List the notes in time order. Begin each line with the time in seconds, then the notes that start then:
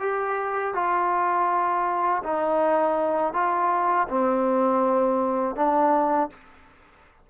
0.00 G4
0.74 F4
2.23 D#4
3.33 F4
4.08 C4
5.56 D4